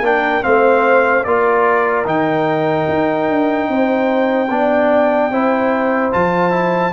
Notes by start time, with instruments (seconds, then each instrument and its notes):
0.00 tuba A#3, trombone D4, horn A#4, trumpet G5
0.42 tuba A3, trombone C4, horn C5, trumpet F5
1.24 tuba A#3, trombone F4, horn A#4, trumpet D5
2.05 tuba D#3, trombone D#4, trumpet G5
2.88 tuba D#4
3.29 tuba D4
3.69 tuba C4, horn C5
4.50 tuba B3, trombone D4, horn D5
5.30 tuba C4, trombone E4, horn C5
6.12 tuba F3, trombone F4, trumpet A5
6.51 trombone E4